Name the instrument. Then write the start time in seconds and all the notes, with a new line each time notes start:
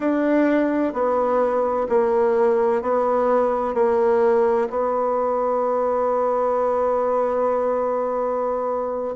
bassoon
0.00 D4
0.93 B3
1.89 A#3
2.81 B3
3.74 A#3
4.70 B3